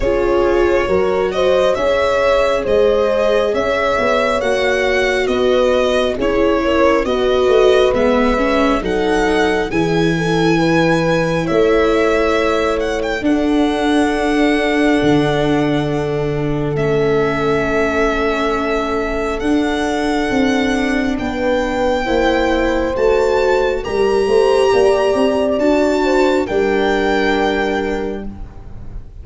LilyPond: <<
  \new Staff \with { instrumentName = "violin" } { \time 4/4 \tempo 4 = 68 cis''4. dis''8 e''4 dis''4 | e''4 fis''4 dis''4 cis''4 | dis''4 e''4 fis''4 gis''4~ | gis''4 e''4. fis''16 g''16 fis''4~ |
fis''2. e''4~ | e''2 fis''2 | g''2 a''4 ais''4~ | ais''4 a''4 g''2 | }
  \new Staff \with { instrumentName = "horn" } { \time 4/4 gis'4 ais'8 c''8 cis''4 c''4 | cis''2 b'4 gis'8 ais'8 | b'2 a'4 gis'8 a'8 | b'4 cis''2 a'4~ |
a'1~ | a'1 | b'4 c''2 ais'8 c''8 | d''4. c''8 ais'2 | }
  \new Staff \with { instrumentName = "viola" } { \time 4/4 f'4 fis'4 gis'2~ | gis'4 fis'2 e'4 | fis'4 b8 cis'8 dis'4 e'4~ | e'2. d'4~ |
d'2. cis'4~ | cis'2 d'2~ | d'4 e'4 fis'4 g'4~ | g'4 fis'4 d'2 | }
  \new Staff \with { instrumentName = "tuba" } { \time 4/4 cis'4 fis4 cis'4 gis4 | cis'8 b8 ais4 b4 cis'4 | b8 a8 gis4 fis4 e4~ | e4 a2 d'4~ |
d'4 d2 a4~ | a2 d'4 c'4 | b4 ais4 a4 g8 a8 | ais8 c'8 d'4 g2 | }
>>